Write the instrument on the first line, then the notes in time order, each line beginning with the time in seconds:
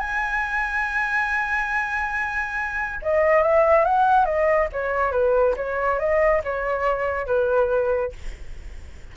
flute
0.00 G#5
3.02 D#5
3.42 E5
3.85 F#5
4.25 D#5
4.72 C#5
5.12 B4
5.57 C#5
5.99 D#5
6.44 C#5
7.27 B4